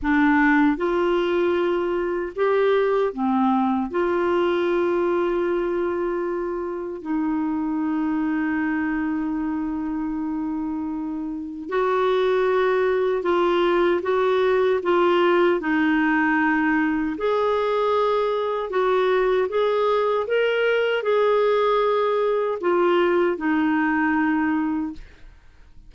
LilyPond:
\new Staff \with { instrumentName = "clarinet" } { \time 4/4 \tempo 4 = 77 d'4 f'2 g'4 | c'4 f'2.~ | f'4 dis'2.~ | dis'2. fis'4~ |
fis'4 f'4 fis'4 f'4 | dis'2 gis'2 | fis'4 gis'4 ais'4 gis'4~ | gis'4 f'4 dis'2 | }